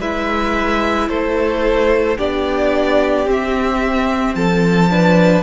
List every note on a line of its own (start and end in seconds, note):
0.00 1.09 G#3
0.00 2.18 E4
0.00 1.09 B4
0.00 1.09 E5
1.09 2.18 A3
1.09 2.18 A4
1.09 2.18 C5
2.18 3.27 B3
2.18 3.26 D4
2.18 4.36 G4
2.18 3.28 D5
3.26 4.89 C4
3.26 4.35 C4
3.26 4.35 E5
4.35 5.43 F3
4.35 4.91 A4
4.35 5.43 A5
4.90 5.43 D4
4.90 5.43 B4